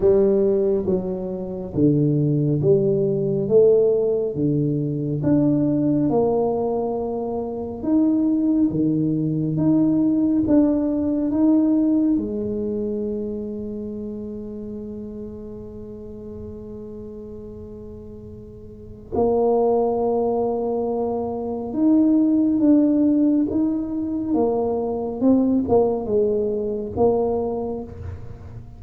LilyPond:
\new Staff \with { instrumentName = "tuba" } { \time 4/4 \tempo 4 = 69 g4 fis4 d4 g4 | a4 d4 d'4 ais4~ | ais4 dis'4 dis4 dis'4 | d'4 dis'4 gis2~ |
gis1~ | gis2 ais2~ | ais4 dis'4 d'4 dis'4 | ais4 c'8 ais8 gis4 ais4 | }